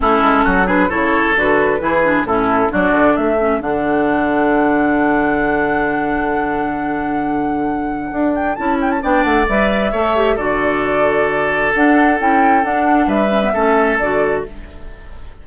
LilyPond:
<<
  \new Staff \with { instrumentName = "flute" } { \time 4/4 \tempo 4 = 133 a'4. b'8 cis''4 b'4~ | b'4 a'4 d''4 e''4 | fis''1~ | fis''1~ |
fis''2~ fis''8 g''8 a''8 g''16 a''16 | g''8 fis''8 e''2 d''4~ | d''2 fis''4 g''4 | fis''4 e''2 d''4 | }
  \new Staff \with { instrumentName = "oboe" } { \time 4/4 e'4 fis'8 gis'8 a'2 | gis'4 e'4 fis'4 a'4~ | a'1~ | a'1~ |
a'1 | d''2 cis''4 a'4~ | a'1~ | a'4 b'4 a'2 | }
  \new Staff \with { instrumentName = "clarinet" } { \time 4/4 cis'4. d'8 e'4 fis'4 | e'8 d'8 cis'4 d'4. cis'8 | d'1~ | d'1~ |
d'2. e'4 | d'4 b'4 a'8 g'8 fis'4~ | fis'2 d'4 e'4 | d'4. cis'16 b16 cis'4 fis'4 | }
  \new Staff \with { instrumentName = "bassoon" } { \time 4/4 a8 gis8 fis4 cis4 d4 | e4 a,4 fis8 d8 a4 | d1~ | d1~ |
d2 d'4 cis'4 | b8 a8 g4 a4 d4~ | d2 d'4 cis'4 | d'4 g4 a4 d4 | }
>>